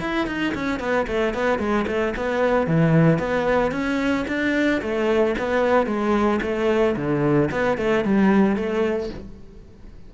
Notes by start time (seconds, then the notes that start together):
0.00 E4
0.27 D#4
0.54 C#4
0.80 B3
1.07 A3
1.34 B3
1.59 G#3
1.87 A3
2.16 B3
2.67 E3
3.19 B3
3.72 C#4
4.28 D4
4.82 A3
5.38 B3
5.87 G#3
6.42 A3
6.96 D3
7.51 B3
7.78 A3
8.04 G3
8.56 A3